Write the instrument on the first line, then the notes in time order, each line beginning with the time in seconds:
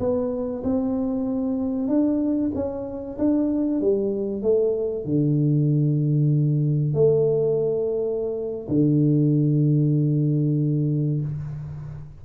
tuba
0.00 B3
0.64 C4
1.88 D4
2.55 C#4
3.18 D4
3.81 G3
4.43 A3
5.05 D3
6.94 A3
8.69 D3